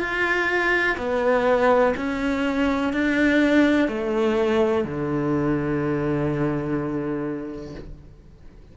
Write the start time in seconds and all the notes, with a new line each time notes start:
0.00 F4
0.98 B3
1.97 C#4
2.93 D4
3.88 A3
4.85 D3